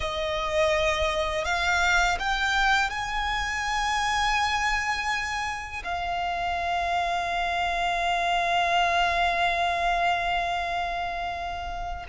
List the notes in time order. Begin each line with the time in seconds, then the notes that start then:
0.00 D#5
1.44 F5
2.19 G5
2.90 G#5
5.84 F5